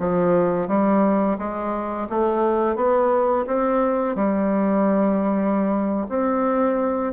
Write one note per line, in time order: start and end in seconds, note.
0.00 0.68 F3
0.68 1.38 G3
1.39 2.08 G#3
2.10 2.76 A3
2.76 3.46 B3
3.47 4.16 C4
4.16 6.08 G3
6.10 7.14 C4